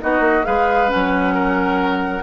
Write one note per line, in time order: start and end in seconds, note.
0.00 0.19 B3
0.00 0.43 D#4
0.00 0.46 F#4
0.00 0.45 D#5
0.19 0.42 A#3
0.43 0.92 G#3
0.43 0.87 G#4
0.43 1.34 B4
0.43 0.89 F5
0.87 2.21 C#4
0.87 2.23 F#5
0.94 2.23 F#3
1.34 2.23 A#4